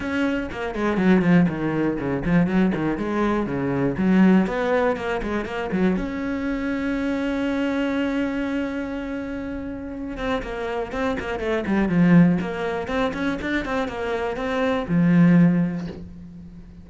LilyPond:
\new Staff \with { instrumentName = "cello" } { \time 4/4 \tempo 4 = 121 cis'4 ais8 gis8 fis8 f8 dis4 | cis8 f8 fis8 dis8 gis4 cis4 | fis4 b4 ais8 gis8 ais8 fis8 | cis'1~ |
cis'1~ | cis'8 c'8 ais4 c'8 ais8 a8 g8 | f4 ais4 c'8 cis'8 d'8 c'8 | ais4 c'4 f2 | }